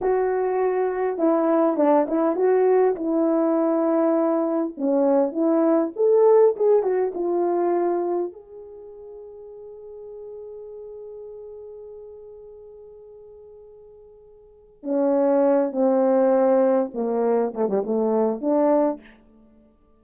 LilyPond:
\new Staff \with { instrumentName = "horn" } { \time 4/4 \tempo 4 = 101 fis'2 e'4 d'8 e'8 | fis'4 e'2. | cis'4 e'4 a'4 gis'8 fis'8 | f'2 gis'2~ |
gis'1~ | gis'1~ | gis'4 cis'4. c'4.~ | c'8 ais4 a16 g16 a4 d'4 | }